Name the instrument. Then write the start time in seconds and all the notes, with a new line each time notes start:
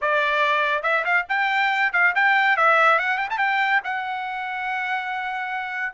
trumpet
0.01 D5
0.83 E5
1.04 F5
1.29 G5
1.92 F5
2.15 G5
2.56 E5
2.98 F#5
3.17 G5
3.30 A5
3.38 G5
3.84 F#5